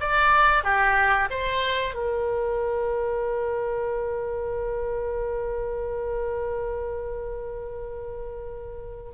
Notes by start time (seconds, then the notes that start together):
0.00 D5
0.63 G4
1.30 C5
1.94 A#4